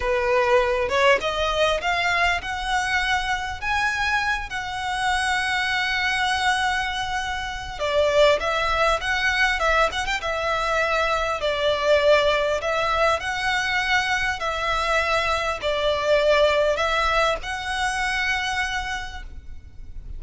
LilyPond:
\new Staff \with { instrumentName = "violin" } { \time 4/4 \tempo 4 = 100 b'4. cis''8 dis''4 f''4 | fis''2 gis''4. fis''8~ | fis''1~ | fis''4 d''4 e''4 fis''4 |
e''8 fis''16 g''16 e''2 d''4~ | d''4 e''4 fis''2 | e''2 d''2 | e''4 fis''2. | }